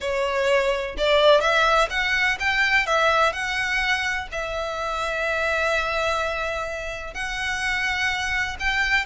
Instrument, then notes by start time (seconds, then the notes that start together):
violin
0.00 C#5
0.97 D5
1.40 E5
1.90 F#5
2.39 G5
2.86 E5
3.32 F#5
4.31 E5
7.13 F#5
8.59 G5